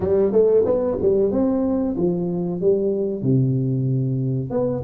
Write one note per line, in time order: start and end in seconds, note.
0.00 0.32 G3
0.32 0.64 A3
0.65 0.97 B3
1.01 1.31 G3
1.31 1.96 C4
1.96 2.60 F3
2.60 3.22 G3
3.22 4.50 C3
4.50 4.82 B3